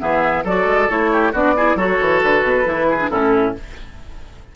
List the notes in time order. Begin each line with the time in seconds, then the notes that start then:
0.00 E3 B3 G#4 E5
0.44 F#3 F#4 A4 D5
0.66 G#3
0.90 A3 E4 C#5
1.13 G4
1.33 B3 D4 F#4 D5
1.57 E4 G#4
1.76 F#3 F#4 A4 C#5
2.01 E3
2.23 D3 B4
2.43 B2
2.66 E3 E4
2.89 G#4
3.00 D4
3.10 A2 C#4 E4 A4